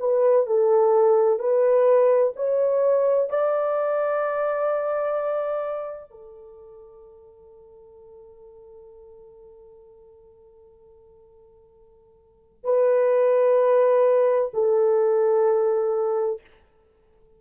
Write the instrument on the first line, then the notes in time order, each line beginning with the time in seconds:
horn
0.00 B4
0.47 A4
1.39 B4
2.36 C#5
3.30 D5
6.11 A4
12.64 B4
14.54 A4